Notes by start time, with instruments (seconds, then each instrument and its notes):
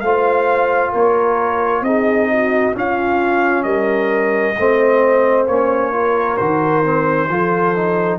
0.00 tuba A3, trombone F4, horn C5, trumpet F5
0.92 tuba A#3, horn A#4, trumpet C#5
1.81 tuba C4, trombone D#4, horn G#4, trumpet D#5
2.30 horn F#4
2.72 trombone C#4, tuba C#4, horn F4, trumpet F5
3.63 tuba G3, horn A#4, trumpet D#5
4.58 tuba A3, trombone C4, horn C5
5.47 tuba A#3, trombone C#4, trumpet C#5
5.92 trombone F4, horn A#4
6.37 tuba D#3, trombone F#4, trumpet C5
6.83 trombone C4
7.28 tuba F3, trombone F4, horn A4
7.75 trombone D#4